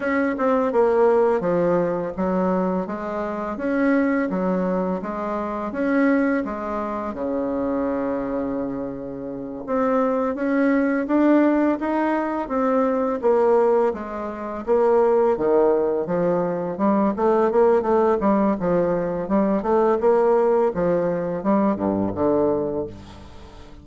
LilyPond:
\new Staff \with { instrumentName = "bassoon" } { \time 4/4 \tempo 4 = 84 cis'8 c'8 ais4 f4 fis4 | gis4 cis'4 fis4 gis4 | cis'4 gis4 cis2~ | cis4. c'4 cis'4 d'8~ |
d'8 dis'4 c'4 ais4 gis8~ | gis8 ais4 dis4 f4 g8 | a8 ais8 a8 g8 f4 g8 a8 | ais4 f4 g8 g,8 d4 | }